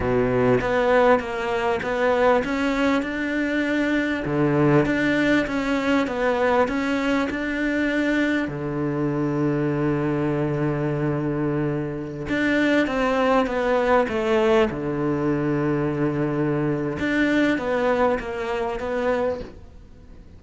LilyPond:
\new Staff \with { instrumentName = "cello" } { \time 4/4 \tempo 4 = 99 b,4 b4 ais4 b4 | cis'4 d'2 d4 | d'4 cis'4 b4 cis'4 | d'2 d2~ |
d1~ | d16 d'4 c'4 b4 a8.~ | a16 d2.~ d8. | d'4 b4 ais4 b4 | }